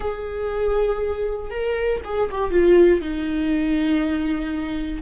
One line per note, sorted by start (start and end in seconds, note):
0.00 1.50 G#4
1.50 2.01 A#4
2.04 2.29 G#4
2.30 2.50 G4
2.50 3.01 F4
3.01 5.02 D#4